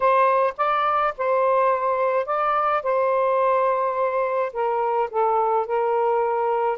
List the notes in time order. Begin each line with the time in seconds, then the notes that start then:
0.00 C5
0.57 D5
1.17 C5
2.25 D5
2.82 C5
4.53 A#4
5.10 A4
5.66 A#4